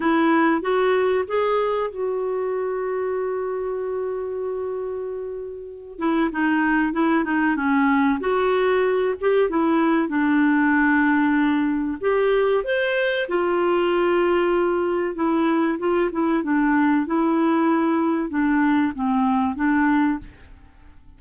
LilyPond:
\new Staff \with { instrumentName = "clarinet" } { \time 4/4 \tempo 4 = 95 e'4 fis'4 gis'4 fis'4~ | fis'1~ | fis'4. e'8 dis'4 e'8 dis'8 | cis'4 fis'4. g'8 e'4 |
d'2. g'4 | c''4 f'2. | e'4 f'8 e'8 d'4 e'4~ | e'4 d'4 c'4 d'4 | }